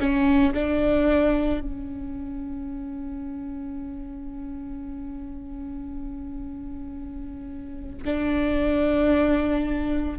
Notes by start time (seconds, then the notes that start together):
0.00 C#4
0.54 D4
1.61 C#4
8.05 D4